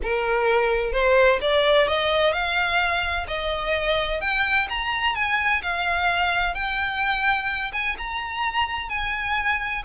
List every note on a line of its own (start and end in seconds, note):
0.02 0.92 A#4
0.92 1.39 C5
1.41 1.87 D5
1.87 2.32 D#5
2.32 3.26 F5
3.27 4.21 D#5
4.21 4.67 G5
4.69 5.15 A#5
5.15 5.62 G#5
5.62 6.54 F5
6.54 7.71 G5
7.72 7.96 G#5
7.98 8.89 A#5
8.89 9.82 G#5